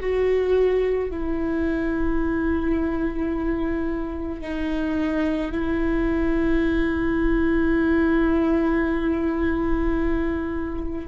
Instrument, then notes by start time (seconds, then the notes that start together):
viola
0.00 F#4
1.11 E4
4.41 D#4
5.51 E4